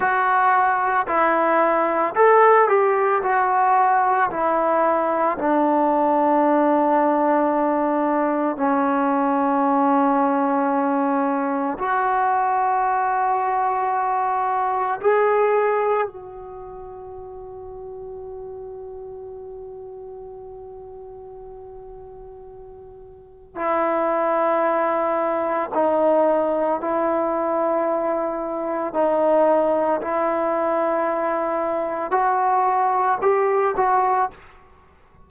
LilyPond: \new Staff \with { instrumentName = "trombone" } { \time 4/4 \tempo 4 = 56 fis'4 e'4 a'8 g'8 fis'4 | e'4 d'2. | cis'2. fis'4~ | fis'2 gis'4 fis'4~ |
fis'1~ | fis'2 e'2 | dis'4 e'2 dis'4 | e'2 fis'4 g'8 fis'8 | }